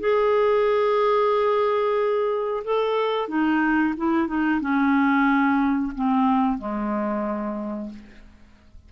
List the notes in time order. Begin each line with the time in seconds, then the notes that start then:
0.00 G#4
2.65 A4
3.28 D#4
3.97 E4
4.28 D#4
4.61 C#4
5.95 C4
6.58 G#3